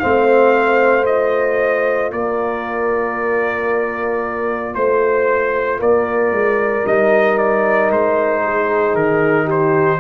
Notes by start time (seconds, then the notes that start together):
0.00 A3 C4 C5 F5
1.04 F4 D#5
2.12 A#3 A#4 D5
4.75 A3 C5
5.80 A#3 A#4 D5
6.32 G#3
6.87 G3 D#4 D#5
7.38 D5
7.91 G#3 C5
8.45 G#4
8.95 D#3 A#4
9.45 G4 C5